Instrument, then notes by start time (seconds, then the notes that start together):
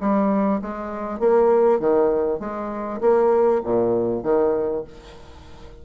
bassoon
0.00 G3
0.61 G#3
1.19 A#3
1.79 D#3
2.39 G#3
3.01 A#3
3.63 A#2
4.23 D#3